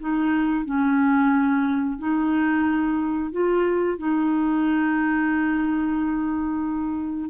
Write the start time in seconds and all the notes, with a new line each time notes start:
0.00 D#4
0.65 C#4
1.98 D#4
3.32 F4
3.98 D#4